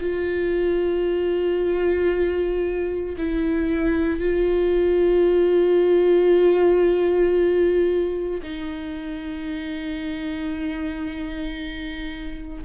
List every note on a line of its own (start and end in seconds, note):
0.00 3.16 F4
3.18 4.20 E4
4.20 8.41 F4
8.43 12.64 D#4